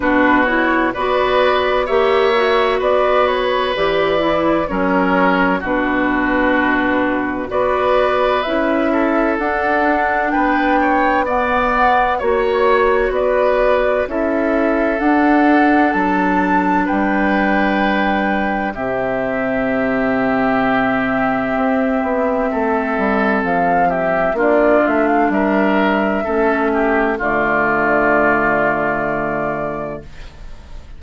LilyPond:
<<
  \new Staff \with { instrumentName = "flute" } { \time 4/4 \tempo 4 = 64 b'8 cis''8 d''4 e''4 d''8 cis''8 | d''4 cis''4 b'2 | d''4 e''4 fis''4 g''4 | fis''4 cis''4 d''4 e''4 |
fis''4 a''4 g''2 | e''1~ | e''4 f''8 e''8 d''8 e''16 f''16 e''4~ | e''4 d''2. | }
  \new Staff \with { instrumentName = "oboe" } { \time 4/4 fis'4 b'4 cis''4 b'4~ | b'4 ais'4 fis'2 | b'4. a'4. b'8 cis''8 | d''4 cis''4 b'4 a'4~ |
a'2 b'2 | g'1 | a'4. g'8 f'4 ais'4 | a'8 g'8 f'2. | }
  \new Staff \with { instrumentName = "clarinet" } { \time 4/4 d'8 e'8 fis'4 g'8 fis'4. | g'8 e'8 cis'4 d'2 | fis'4 e'4 d'2 | b4 fis'2 e'4 |
d'1 | c'1~ | c'2 d'2 | cis'4 a2. | }
  \new Staff \with { instrumentName = "bassoon" } { \time 4/4 b,4 b4 ais4 b4 | e4 fis4 b,2 | b4 cis'4 d'4 b4~ | b4 ais4 b4 cis'4 |
d'4 fis4 g2 | c2. c'8 b8 | a8 g8 f4 ais8 a8 g4 | a4 d2. | }
>>